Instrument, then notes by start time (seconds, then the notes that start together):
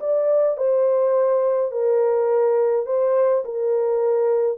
horn
0.00 D5
0.57 C5
1.72 A#4
2.86 C5
3.45 A#4